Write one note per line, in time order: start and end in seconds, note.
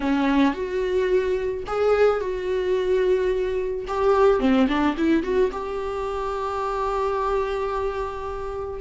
0.00 0.54 C#4
0.54 1.64 F#4
1.67 2.20 G#4
2.20 3.85 F#4
3.87 4.39 G4
4.39 4.67 C4
4.68 4.95 D4
4.97 5.23 E4
5.23 5.50 F#4
5.52 8.80 G4